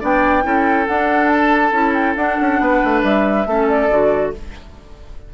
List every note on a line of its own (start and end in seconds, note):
0.00 0.44 B3
0.00 0.42 D4
0.00 0.43 D5
0.00 0.87 G5
0.42 0.87 C#4
0.42 0.85 E4
0.42 2.61 A4
0.87 1.72 D4
0.87 1.28 F#5
1.28 1.93 A5
1.72 2.15 C#4
1.72 2.15 E4
1.93 2.15 G5
2.16 2.38 D4
2.16 3.46 D4
2.16 3.02 F#5
2.41 2.60 C#4
2.60 2.81 B3
2.60 3.47 B4
2.84 3.03 A3
3.03 3.46 G3
3.03 3.68 E5
3.46 3.89 A3
3.46 3.90 C#4
3.46 4.34 A4
3.68 4.33 D5
3.90 4.33 D3
3.90 4.33 F#4